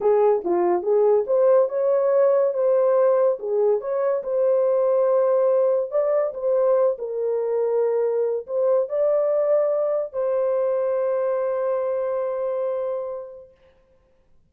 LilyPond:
\new Staff \with { instrumentName = "horn" } { \time 4/4 \tempo 4 = 142 gis'4 f'4 gis'4 c''4 | cis''2 c''2 | gis'4 cis''4 c''2~ | c''2 d''4 c''4~ |
c''8 ais'2.~ ais'8 | c''4 d''2. | c''1~ | c''1 | }